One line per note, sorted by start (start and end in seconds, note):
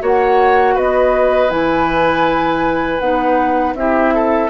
0.00 0.77 A#3
0.00 1.49 F#4
0.00 0.75 C#5
0.00 0.78 F#5
0.75 1.51 B3
0.75 3.75 B4
0.75 1.51 D#5
1.49 3.01 E3
1.49 2.99 E4
1.49 3.00 G#5
3.00 3.75 B3
3.00 3.76 D#4
3.00 3.75 F#5
3.75 4.50 C4
3.75 4.50 E4
3.75 4.15 G4
3.75 4.50 E5
4.15 4.50 A4